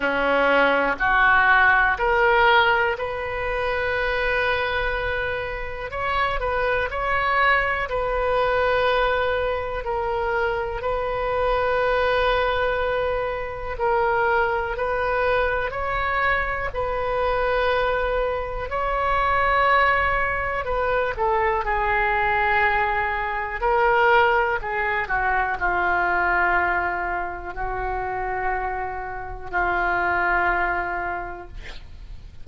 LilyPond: \new Staff \with { instrumentName = "oboe" } { \time 4/4 \tempo 4 = 61 cis'4 fis'4 ais'4 b'4~ | b'2 cis''8 b'8 cis''4 | b'2 ais'4 b'4~ | b'2 ais'4 b'4 |
cis''4 b'2 cis''4~ | cis''4 b'8 a'8 gis'2 | ais'4 gis'8 fis'8 f'2 | fis'2 f'2 | }